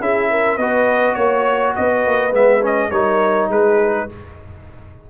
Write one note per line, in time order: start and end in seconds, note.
0.00 0.57 C#4
0.00 0.59 E4
0.00 0.31 G#4
0.00 0.58 E5
0.31 0.59 A#4
0.57 1.15 B3
0.57 2.31 F#4
0.57 1.16 B4
0.57 1.15 D#5
1.15 1.75 A#3
1.15 1.73 C#5
1.15 1.75 C#5
1.75 2.07 B3
1.75 2.92 B4
1.75 2.34 D#5
2.07 2.33 A#3
2.31 2.91 G#3
2.31 2.61 B3
2.31 2.64 E5
2.62 2.92 C#4
2.62 2.91 D#5
2.91 3.49 G3
2.91 4.09 D#4
2.91 3.50 A#4
2.91 3.49 C#5
3.49 4.08 G#3
3.49 4.08 G#4
3.49 4.10 B4